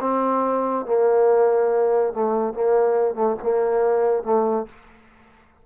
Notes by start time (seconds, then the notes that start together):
0.00 C4
0.85 A#3
2.13 A3
2.53 A#3
3.15 A3
3.42 A#3
4.23 A3